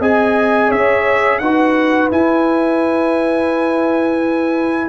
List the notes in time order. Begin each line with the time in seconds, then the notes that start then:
0.00 C4 G#4 D#5 G#5
0.68 C#4 C#5 E5
1.39 D#4 F#4 B4 F#5
2.11 E4 G#5